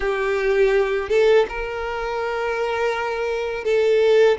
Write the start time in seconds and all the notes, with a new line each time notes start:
0.00 G4
1.09 A4
1.48 A#4
3.64 A4